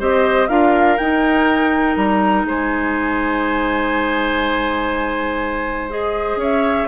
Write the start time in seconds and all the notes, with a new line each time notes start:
0.00 C4 G4 C5 D#5
0.48 D4 F4 A#4 F5
0.97 D#4 G5
1.96 G3 A#5
2.44 G#3 C5 G#5
5.90 G#4 D#5
6.36 C#4 C#5
6.42 E5